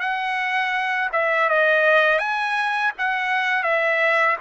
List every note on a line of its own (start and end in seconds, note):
0.00 1.10 F#5
1.12 1.49 E5
1.49 2.19 D#5
2.19 2.92 G#5
2.98 3.63 F#5
3.63 4.36 E5